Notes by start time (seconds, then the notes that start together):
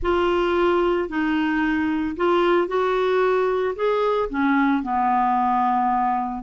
0.02 F4
1.08 D#4
2.16 F4
2.67 F#4
3.75 G#4
4.29 C#4
4.82 B3